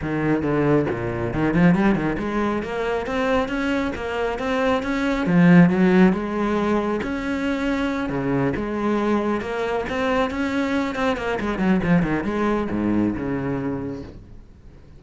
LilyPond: \new Staff \with { instrumentName = "cello" } { \time 4/4 \tempo 4 = 137 dis4 d4 ais,4 dis8 f8 | g8 dis8 gis4 ais4 c'4 | cis'4 ais4 c'4 cis'4 | f4 fis4 gis2 |
cis'2~ cis'8 cis4 gis8~ | gis4. ais4 c'4 cis'8~ | cis'4 c'8 ais8 gis8 fis8 f8 dis8 | gis4 gis,4 cis2 | }